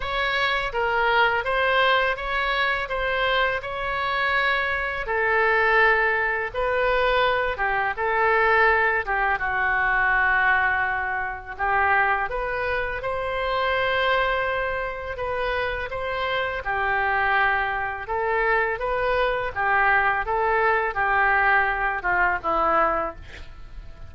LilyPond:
\new Staff \with { instrumentName = "oboe" } { \time 4/4 \tempo 4 = 83 cis''4 ais'4 c''4 cis''4 | c''4 cis''2 a'4~ | a'4 b'4. g'8 a'4~ | a'8 g'8 fis'2. |
g'4 b'4 c''2~ | c''4 b'4 c''4 g'4~ | g'4 a'4 b'4 g'4 | a'4 g'4. f'8 e'4 | }